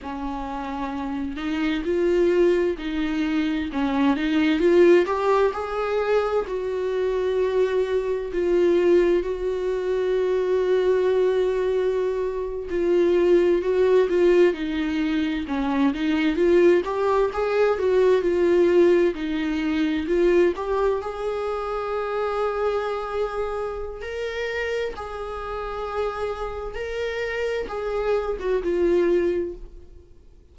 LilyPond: \new Staff \with { instrumentName = "viola" } { \time 4/4 \tempo 4 = 65 cis'4. dis'8 f'4 dis'4 | cis'8 dis'8 f'8 g'8 gis'4 fis'4~ | fis'4 f'4 fis'2~ | fis'4.~ fis'16 f'4 fis'8 f'8 dis'16~ |
dis'8. cis'8 dis'8 f'8 g'8 gis'8 fis'8 f'16~ | f'8. dis'4 f'8 g'8 gis'4~ gis'16~ | gis'2 ais'4 gis'4~ | gis'4 ais'4 gis'8. fis'16 f'4 | }